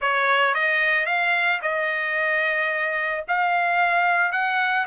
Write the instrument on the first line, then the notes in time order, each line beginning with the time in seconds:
trumpet
0.01 C#5
0.54 D#5
1.06 F5
1.62 D#5
3.28 F5
4.32 F#5